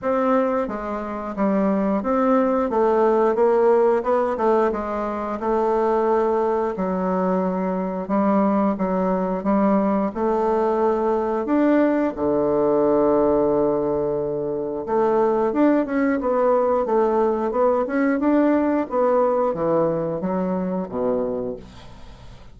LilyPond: \new Staff \with { instrumentName = "bassoon" } { \time 4/4 \tempo 4 = 89 c'4 gis4 g4 c'4 | a4 ais4 b8 a8 gis4 | a2 fis2 | g4 fis4 g4 a4~ |
a4 d'4 d2~ | d2 a4 d'8 cis'8 | b4 a4 b8 cis'8 d'4 | b4 e4 fis4 b,4 | }